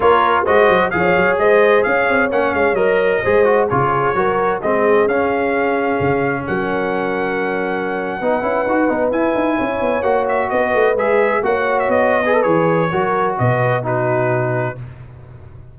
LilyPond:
<<
  \new Staff \with { instrumentName = "trumpet" } { \time 4/4 \tempo 4 = 130 cis''4 dis''4 f''4 dis''4 | f''4 fis''8 f''8 dis''2 | cis''2 dis''4 f''4~ | f''2 fis''2~ |
fis''2.~ fis''8. gis''16~ | gis''4.~ gis''16 fis''8 e''8 dis''4 e''16~ | e''8. fis''8. e''16 dis''4~ dis''16 cis''4~ | cis''4 dis''4 b'2 | }
  \new Staff \with { instrumentName = "horn" } { \time 4/4 ais'4 c''4 cis''4 c''4 | cis''2. c''4 | gis'4 ais'4 gis'2~ | gis'2 ais'2~ |
ais'4.~ ais'16 b'2~ b'16~ | b'8. cis''2 b'4~ b'16~ | b'8. cis''4.~ cis''16 b'4. | ais'4 b'4 fis'2 | }
  \new Staff \with { instrumentName = "trombone" } { \time 4/4 f'4 fis'4 gis'2~ | gis'4 cis'4 ais'4 gis'8 fis'8 | f'4 fis'4 c'4 cis'4~ | cis'1~ |
cis'4.~ cis'16 dis'8 e'8 fis'8 dis'8 e'16~ | e'4.~ e'16 fis'2 gis'16~ | gis'8. fis'4.~ fis'16 gis'16 a'16 gis'4 | fis'2 dis'2 | }
  \new Staff \with { instrumentName = "tuba" } { \time 4/4 ais4 gis8 fis8 f8 fis8 gis4 | cis'8 c'8 ais8 gis8 fis4 gis4 | cis4 fis4 gis4 cis'4~ | cis'4 cis4 fis2~ |
fis4.~ fis16 b8 cis'8 dis'8 b8 e'16~ | e'16 dis'8 cis'8 b8 ais4 b8 a8 gis16~ | gis8. ais4 b4~ b16 e4 | fis4 b,2. | }
>>